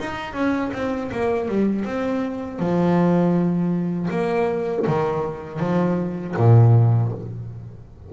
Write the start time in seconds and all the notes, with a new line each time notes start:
0.00 D#4
0.34 C#4
0.73 C4
1.12 A#3
1.49 G3
1.85 C4
2.59 F3
4.11 A#3
4.87 D#3
5.60 F3
6.37 A#2